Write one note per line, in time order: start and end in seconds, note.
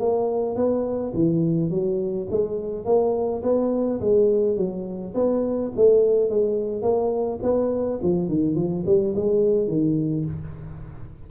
0.00 0.56 A#3
0.56 1.13 B3
1.15 1.71 E3
1.71 2.28 F#3
2.31 2.85 G#3
2.85 3.43 A#3
3.43 4.01 B3
4.01 4.57 G#3
4.57 5.14 F#3
5.15 5.72 B3
5.76 6.30 A3
6.30 6.82 G#3
6.82 7.39 A#3
7.43 8.00 B3
8.03 8.29 F3
8.29 8.56 D#3
8.56 8.84 F3
8.86 9.15 G3
9.16 9.68 G#3
9.68 10.25 D#3